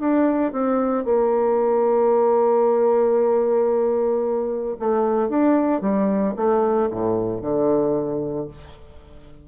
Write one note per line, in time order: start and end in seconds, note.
0.00 0.52 D4
0.52 1.05 C4
1.05 4.76 A#3
4.80 5.29 A3
5.29 5.81 D4
5.81 6.34 G3
6.36 6.89 A3
6.91 7.41 A2
7.41 8.47 D3